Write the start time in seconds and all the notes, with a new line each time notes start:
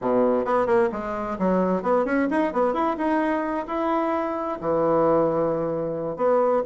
0.01 B2
0.45 B3
0.66 A#3
0.92 G#3
1.38 F#3
1.82 B3
2.05 C#4
2.30 D#4
2.52 B3
2.73 E4
2.97 D#4
3.66 E4
4.61 E3
6.16 B3